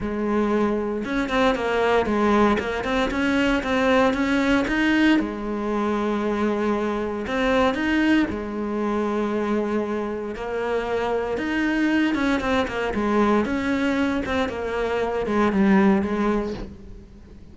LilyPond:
\new Staff \with { instrumentName = "cello" } { \time 4/4 \tempo 4 = 116 gis2 cis'8 c'8 ais4 | gis4 ais8 c'8 cis'4 c'4 | cis'4 dis'4 gis2~ | gis2 c'4 dis'4 |
gis1 | ais2 dis'4. cis'8 | c'8 ais8 gis4 cis'4. c'8 | ais4. gis8 g4 gis4 | }